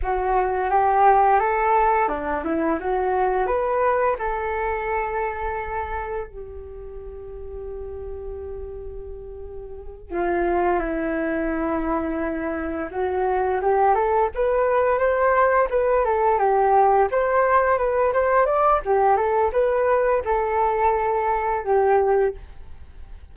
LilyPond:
\new Staff \with { instrumentName = "flute" } { \time 4/4 \tempo 4 = 86 fis'4 g'4 a'4 d'8 e'8 | fis'4 b'4 a'2~ | a'4 g'2.~ | g'2~ g'8 f'4 e'8~ |
e'2~ e'8 fis'4 g'8 | a'8 b'4 c''4 b'8 a'8 g'8~ | g'8 c''4 b'8 c''8 d''8 g'8 a'8 | b'4 a'2 g'4 | }